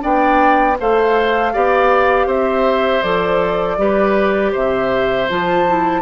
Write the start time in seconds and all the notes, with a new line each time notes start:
0.00 B3 D4 D5 G5
0.80 A3 A4 C5 F5
1.54 B3 G4 D5
2.27 C4 C5 E5
3.03 F3 A4 D5
3.78 G3 G4 B4
4.53 C3 C5 E5
5.30 F3 F4 A5
5.68 E4